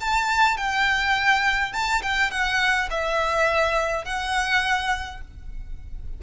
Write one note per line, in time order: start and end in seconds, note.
0.00 0.57 A5
0.57 1.73 G5
1.73 2.02 A5
2.02 2.30 G5
2.30 2.89 F#5
2.90 4.04 E5
4.04 5.21 F#5